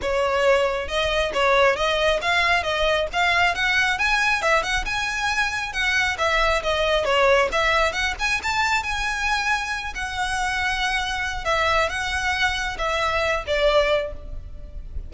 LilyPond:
\new Staff \with { instrumentName = "violin" } { \time 4/4 \tempo 4 = 136 cis''2 dis''4 cis''4 | dis''4 f''4 dis''4 f''4 | fis''4 gis''4 e''8 fis''8 gis''4~ | gis''4 fis''4 e''4 dis''4 |
cis''4 e''4 fis''8 gis''8 a''4 | gis''2~ gis''8 fis''4.~ | fis''2 e''4 fis''4~ | fis''4 e''4. d''4. | }